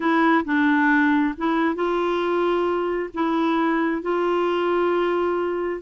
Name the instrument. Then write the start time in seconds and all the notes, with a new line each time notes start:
clarinet
0.00 E4
0.45 D4
1.37 E4
1.75 F4
3.13 E4
4.02 F4